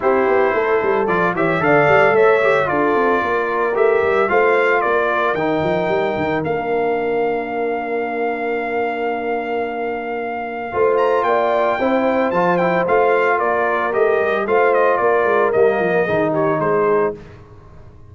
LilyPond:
<<
  \new Staff \with { instrumentName = "trumpet" } { \time 4/4 \tempo 4 = 112 c''2 d''8 e''8 f''4 | e''4 d''2 e''4 | f''4 d''4 g''2 | f''1~ |
f''1~ | f''8 ais''8 g''2 a''8 g''8 | f''4 d''4 dis''4 f''8 dis''8 | d''4 dis''4. cis''8 c''4 | }
  \new Staff \with { instrumentName = "horn" } { \time 4/4 g'4 a'4. cis''8 d''4 | cis''4 a'4 ais'2 | c''4 ais'2.~ | ais'1~ |
ais'1 | c''4 d''4 c''2~ | c''4 ais'2 c''4 | ais'2 gis'8 g'8 gis'4 | }
  \new Staff \with { instrumentName = "trombone" } { \time 4/4 e'2 f'8 g'8 a'4~ | a'8 g'8 f'2 g'4 | f'2 dis'2 | d'1~ |
d'1 | f'2 e'4 f'8 e'8 | f'2 g'4 f'4~ | f'4 ais4 dis'2 | }
  \new Staff \with { instrumentName = "tuba" } { \time 4/4 c'8 b8 a8 g8 f8 e8 d8 g8 | a4 d'8 c'8 ais4 a8 g8 | a4 ais4 dis8 f8 g8 dis8 | ais1~ |
ais1 | a4 ais4 c'4 f4 | a4 ais4 a8 g8 a4 | ais8 gis8 g8 f8 dis4 gis4 | }
>>